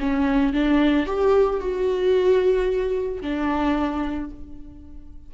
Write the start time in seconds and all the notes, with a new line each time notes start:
0.00 C#4
0.53 D4
1.06 G4
1.60 F#4
3.22 D4